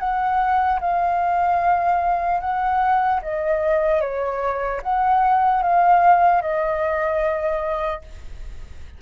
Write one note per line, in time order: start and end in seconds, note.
0.00 0.80 F#5
0.81 2.41 F5
2.41 3.21 F#5
3.23 4.01 D#5
4.01 4.81 C#5
4.83 5.63 F#5
5.63 6.42 F5
6.42 8.02 D#5